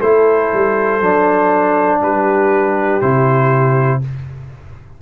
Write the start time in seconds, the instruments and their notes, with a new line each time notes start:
0.00 tuba A3, trombone E4, horn A4, trumpet C5
0.53 tuba G3
1.01 tuba F#3, trombone D4
2.01 tuba G3, horn G4, trumpet B4
3.01 tuba C3, trombone E4, trumpet C5